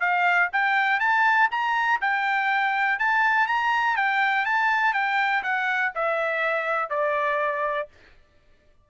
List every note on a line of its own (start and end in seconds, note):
0.00 0.49 F5
0.53 1.00 G5
1.00 1.49 A5
1.51 2.00 A#5
2.01 2.99 G5
2.99 3.47 A5
3.47 3.96 A#5
3.96 4.45 G5
4.45 4.94 A5
4.94 5.43 G5
5.43 5.92 F#5
5.95 6.90 E5
6.90 7.88 D5